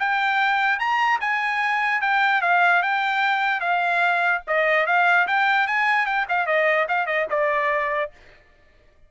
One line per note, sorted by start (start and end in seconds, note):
0.00 0.79 G5
0.79 1.20 A#5
1.21 2.02 G#5
2.02 2.42 G5
2.42 2.83 F5
2.83 3.61 G5
3.61 4.42 F5
4.47 4.87 D#5
4.87 5.27 F5
5.28 5.67 G5
5.67 6.06 G#5
6.06 6.27 G5
6.29 6.47 F5
6.47 6.87 D#5
6.89 7.07 F5
7.07 7.27 D#5
7.30 8.12 D5